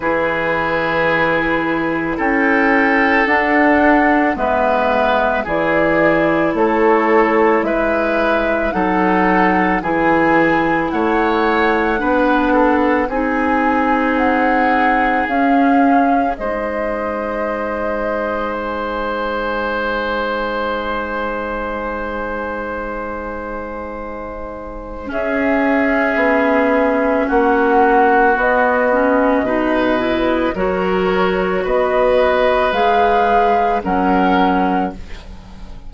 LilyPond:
<<
  \new Staff \with { instrumentName = "flute" } { \time 4/4 \tempo 4 = 55 b'2 g''4 fis''4 | e''4 d''4 cis''4 e''4 | fis''4 gis''4 fis''2 | gis''4 fis''4 f''4 dis''4~ |
dis''4 gis''2.~ | gis''2. e''4~ | e''4 fis''4 dis''2 | cis''4 dis''4 f''4 fis''4 | }
  \new Staff \with { instrumentName = "oboe" } { \time 4/4 gis'2 a'2 | b'4 gis'4 a'4 b'4 | a'4 gis'4 cis''4 b'8 a'8 | gis'2. c''4~ |
c''1~ | c''2. gis'4~ | gis'4 fis'2 b'4 | ais'4 b'2 ais'4 | }
  \new Staff \with { instrumentName = "clarinet" } { \time 4/4 e'2. d'4 | b4 e'2. | dis'4 e'2 d'4 | dis'2 cis'4 dis'4~ |
dis'1~ | dis'2. cis'4~ | cis'2 b8 cis'8 dis'8 e'8 | fis'2 gis'4 cis'4 | }
  \new Staff \with { instrumentName = "bassoon" } { \time 4/4 e2 cis'4 d'4 | gis4 e4 a4 gis4 | fis4 e4 a4 b4 | c'2 cis'4 gis4~ |
gis1~ | gis2. cis'4 | b4 ais4 b4 b,4 | fis4 b4 gis4 fis4 | }
>>